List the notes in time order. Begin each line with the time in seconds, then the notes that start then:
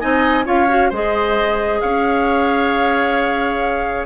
0.00 C4 D#4 D#5 G#5
0.45 C#4 F4 C#5 F5
0.68 F#4
0.89 G#3 G#4 C5 D#5
1.81 C#4 C#5 F5